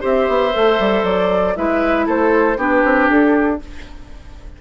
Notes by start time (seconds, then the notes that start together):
0.00 C4 G4 C5 E5
0.29 B3
0.54 A3 A4
0.79 G3
1.04 F#3 D5
1.57 G#3 E4 B4 E5
2.06 A3 A4 C5
2.57 B3 D4 G4 B4
2.85 C4
3.10 D4 A4